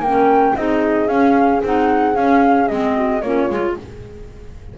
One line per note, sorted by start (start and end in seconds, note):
0.00 0.53 A#3
0.00 0.58 A#4
0.00 0.56 G5
0.07 0.57 C#4
0.56 1.09 C4
0.56 1.09 D#4
0.56 2.96 G#4
0.56 1.09 D#5
1.09 1.62 C#4
1.09 1.62 F5
1.64 2.16 C4
1.64 2.15 D#4
1.64 2.16 F#5
2.15 2.68 C#4
2.15 2.69 C#4
2.15 2.68 F5
2.68 3.23 G#3
2.68 3.23 C4
2.68 3.22 D#5
2.96 3.23 F#4
3.22 3.49 A#3
3.22 3.51 C#4
3.22 3.79 F4
3.22 3.75 C#5
3.50 3.77 G#3
3.50 3.78 F4